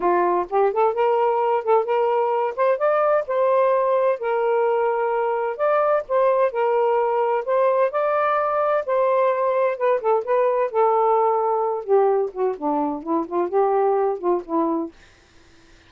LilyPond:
\new Staff \with { instrumentName = "saxophone" } { \time 4/4 \tempo 4 = 129 f'4 g'8 a'8 ais'4. a'8 | ais'4. c''8 d''4 c''4~ | c''4 ais'2. | d''4 c''4 ais'2 |
c''4 d''2 c''4~ | c''4 b'8 a'8 b'4 a'4~ | a'4. g'4 fis'8 d'4 | e'8 f'8 g'4. f'8 e'4 | }